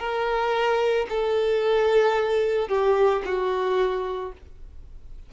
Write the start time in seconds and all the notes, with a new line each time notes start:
0.00 A#4
1.10 A4
2.69 G4
3.26 F#4